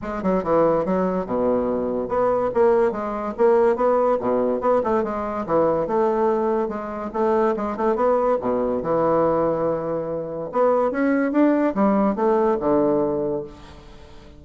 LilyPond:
\new Staff \with { instrumentName = "bassoon" } { \time 4/4 \tempo 4 = 143 gis8 fis8 e4 fis4 b,4~ | b,4 b4 ais4 gis4 | ais4 b4 b,4 b8 a8 | gis4 e4 a2 |
gis4 a4 gis8 a8 b4 | b,4 e2.~ | e4 b4 cis'4 d'4 | g4 a4 d2 | }